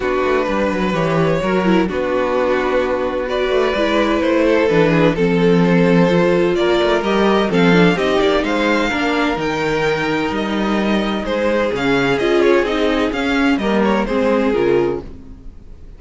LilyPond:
<<
  \new Staff \with { instrumentName = "violin" } { \time 4/4 \tempo 4 = 128 b'2 cis''2 | b'2. d''4~ | d''4 c''4 b'4 a'4 | c''2 d''4 dis''4 |
f''4 dis''8 d''8 f''2 | g''2 dis''2 | c''4 f''4 dis''8 cis''8 dis''4 | f''4 dis''8 cis''8 c''4 ais'4 | }
  \new Staff \with { instrumentName = "violin" } { \time 4/4 fis'4 b'2 ais'4 | fis'2. b'4~ | b'4. a'4 gis'8 a'4~ | a'2 ais'2 |
a'4 g'4 c''4 ais'4~ | ais'1 | gis'1~ | gis'4 ais'4 gis'2 | }
  \new Staff \with { instrumentName = "viola" } { \time 4/4 d'2 g'4 fis'8 e'8 | d'2. fis'4 | e'2 d'4 c'4~ | c'4 f'2 g'4 |
c'8 d'8 dis'2 d'4 | dis'1~ | dis'4 cis'4 f'4 dis'4 | cis'4 ais4 c'4 f'4 | }
  \new Staff \with { instrumentName = "cello" } { \time 4/4 b8 a8 g8 fis8 e4 fis4 | b2.~ b8 a8 | gis4 a4 e4 f4~ | f2 ais8 a8 g4 |
f4 c'8 ais8 gis4 ais4 | dis2 g2 | gis4 cis4 cis'4 c'4 | cis'4 g4 gis4 cis4 | }
>>